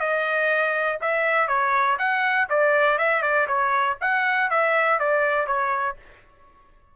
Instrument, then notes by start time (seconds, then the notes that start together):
trumpet
0.00 D#5
1.01 E5
1.48 C#5
1.99 F#5
2.50 D5
2.98 E5
3.22 D5
3.47 C#5
4.01 F#5
4.50 E5
4.99 D5
5.47 C#5